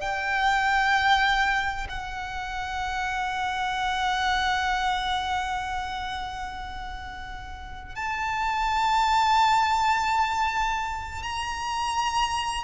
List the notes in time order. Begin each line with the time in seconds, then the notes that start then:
0.00 G5
1.89 F#5
7.96 A5
11.23 A#5